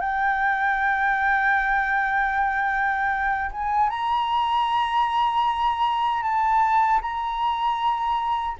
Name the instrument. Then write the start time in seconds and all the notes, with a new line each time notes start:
flute
0.00 G5
3.51 G#5
3.90 A#5
6.22 A5
7.01 A#5